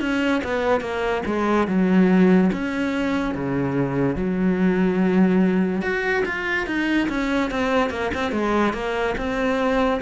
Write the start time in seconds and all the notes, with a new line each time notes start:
0.00 C#4
0.44 B3
0.80 A#3
1.26 G#3
1.67 F#3
2.53 C#4
3.35 C#3
4.16 F#3
5.81 F#4
6.25 F4
6.67 D#4
7.09 C#4
7.50 C4
7.90 A#3
8.14 C4
8.32 G#3
8.73 A#3
9.17 C4